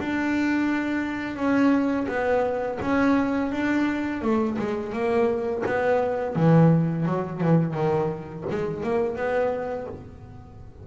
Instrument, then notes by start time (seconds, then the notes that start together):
double bass
0.00 D4
1.36 C#4
2.09 B3
2.82 C#4
3.52 D4
4.22 A3
4.59 G#3
4.93 A#3
5.66 B3
6.36 E3
7.06 F#3
7.41 E3
7.74 D#3
8.50 G#3
8.84 A#3
9.16 B3